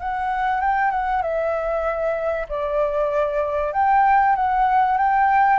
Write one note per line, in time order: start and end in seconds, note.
0.00 0.61 F#5
0.61 0.91 G5
0.91 1.22 F#5
1.22 2.47 E5
2.49 3.73 D5
3.73 4.36 G5
4.36 4.98 F#5
4.98 5.59 G5